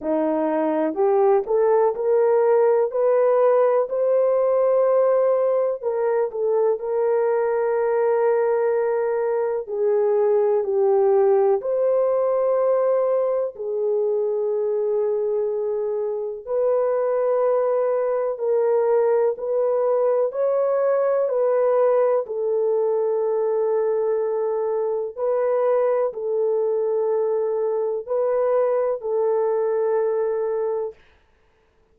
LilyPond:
\new Staff \with { instrumentName = "horn" } { \time 4/4 \tempo 4 = 62 dis'4 g'8 a'8 ais'4 b'4 | c''2 ais'8 a'8 ais'4~ | ais'2 gis'4 g'4 | c''2 gis'2~ |
gis'4 b'2 ais'4 | b'4 cis''4 b'4 a'4~ | a'2 b'4 a'4~ | a'4 b'4 a'2 | }